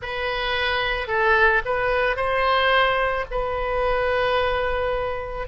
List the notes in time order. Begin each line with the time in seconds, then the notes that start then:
0.01 B4
1.07 A4
1.65 B4
2.16 C5
3.30 B4